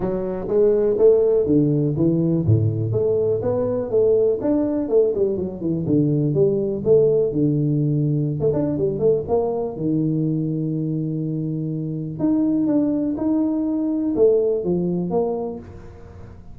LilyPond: \new Staff \with { instrumentName = "tuba" } { \time 4/4 \tempo 4 = 123 fis4 gis4 a4 d4 | e4 a,4 a4 b4 | a4 d'4 a8 g8 fis8 e8 | d4 g4 a4 d4~ |
d4~ d16 a16 d'8 g8 a8 ais4 | dis1~ | dis4 dis'4 d'4 dis'4~ | dis'4 a4 f4 ais4 | }